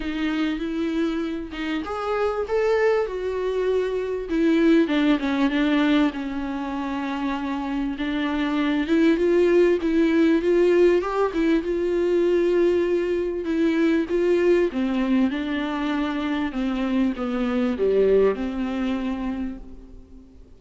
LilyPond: \new Staff \with { instrumentName = "viola" } { \time 4/4 \tempo 4 = 98 dis'4 e'4. dis'8 gis'4 | a'4 fis'2 e'4 | d'8 cis'8 d'4 cis'2~ | cis'4 d'4. e'8 f'4 |
e'4 f'4 g'8 e'8 f'4~ | f'2 e'4 f'4 | c'4 d'2 c'4 | b4 g4 c'2 | }